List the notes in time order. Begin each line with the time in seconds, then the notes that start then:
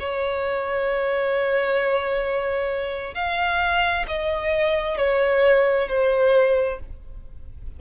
0.00 C#5
3.15 F5
4.08 D#5
4.98 C#5
5.89 C5